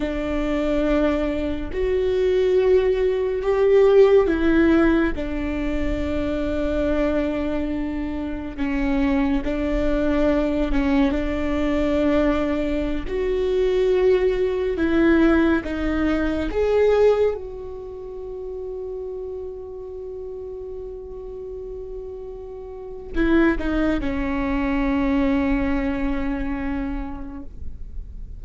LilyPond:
\new Staff \with { instrumentName = "viola" } { \time 4/4 \tempo 4 = 70 d'2 fis'2 | g'4 e'4 d'2~ | d'2 cis'4 d'4~ | d'8 cis'8 d'2~ d'16 fis'8.~ |
fis'4~ fis'16 e'4 dis'4 gis'8.~ | gis'16 fis'2.~ fis'8.~ | fis'2. e'8 dis'8 | cis'1 | }